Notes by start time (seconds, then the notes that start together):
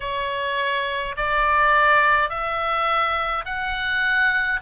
0.00 C#5
1.16 D5
2.29 E5
3.45 F#5